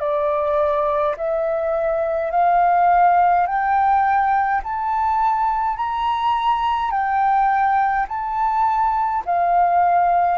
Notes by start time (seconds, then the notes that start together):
0.00 D5
1.17 E5
2.31 F5
3.47 G5
4.64 A5
5.77 A#5
6.91 G5
8.09 A5
9.26 F5